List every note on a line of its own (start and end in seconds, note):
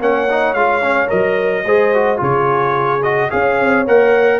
0.00 0.55 A#3
0.00 0.29 C#4
0.00 1.66 C#5
0.00 0.54 F#5
0.30 0.57 D#4
0.54 1.10 G#3
0.54 0.82 F4
0.54 1.09 F5
0.82 1.08 C#4
1.08 1.65 F#3
1.08 1.63 A#4
1.08 2.20 D#5
1.65 2.20 G#3
1.65 1.95 G#4
1.65 2.20 C5
1.95 2.17 F#4
2.17 3.32 C#3
2.17 3.00 F4
2.17 3.30 G#4
2.17 3.03 C#5
3.03 3.31 F#4
3.03 3.31 D#5
3.30 3.61 C#4
3.30 3.86 G#4
3.30 4.40 C#5
3.30 3.86 F5
3.61 3.87 C4
3.87 4.40 A#3
3.87 4.40 A#4
3.87 4.40 F#5